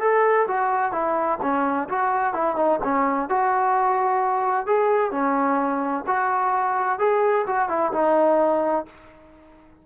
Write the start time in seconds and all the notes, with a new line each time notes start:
0.00 A4
0.47 F#4
0.92 E4
1.42 C#4
1.89 F#4
2.33 E4
2.56 D#4
2.83 C#4
3.29 F#4
4.66 G#4
5.11 C#4
6.07 F#4
6.99 G#4
7.47 F#4
7.68 E4
7.92 D#4